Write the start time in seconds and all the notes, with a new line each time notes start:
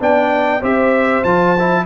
0.00 B3 D4 D5 G5
0.61 C4 G4 C5 E5
1.24 F3 F4 A5
1.59 E4